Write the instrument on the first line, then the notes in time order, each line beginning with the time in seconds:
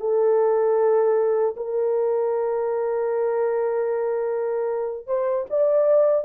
horn
0.00 A4
1.57 A#4
5.07 C5
5.50 D5